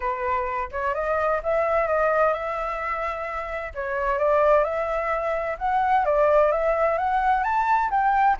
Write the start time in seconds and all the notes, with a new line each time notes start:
0.00 B4
0.71 C#5
0.94 D#5
1.43 E5
1.87 D#5
2.33 E5
3.74 C#5
4.18 D5
4.64 E5
5.58 F#5
6.05 D5
6.51 E5
6.97 F#5
7.43 A5
7.90 G5